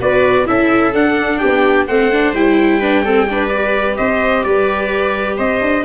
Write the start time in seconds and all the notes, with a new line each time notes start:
0.00 B3 F#4 B4 D5
0.46 C#4 E4 A4 E5
0.94 D4 F#5
1.38 B3 G4 G5
1.87 A3 C4 C5 F#5
2.12 D4
2.33 G3 E4 G5
2.80 D4 B4
3.05 C4 A4
3.29 D4 B4
3.48 G4 D5
3.97 C4 C5 D#5
4.43 G3 B4 D5
5.38 C4 C5 D#5
5.61 D4